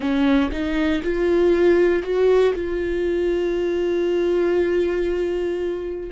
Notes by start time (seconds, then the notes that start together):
0.00 C#4
0.51 D#4
1.03 F4
2.02 F#4
2.54 F4